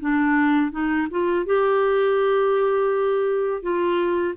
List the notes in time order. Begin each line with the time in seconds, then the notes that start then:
0.00 D4
0.71 D#4
1.10 F4
1.46 G4
3.62 F4